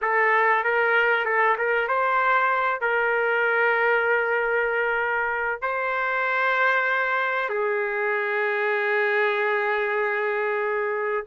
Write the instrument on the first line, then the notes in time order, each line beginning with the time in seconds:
trumpet
0.01 A4
0.63 A#4
1.25 A4
1.57 A#4
1.88 C5
2.80 A#4
5.61 C5
7.49 G#4